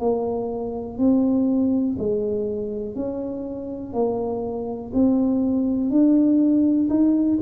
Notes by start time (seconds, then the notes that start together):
0.00 A#3
0.99 C4
1.99 G#3
2.96 C#4
3.93 A#3
4.94 C4
5.91 D4
6.90 D#4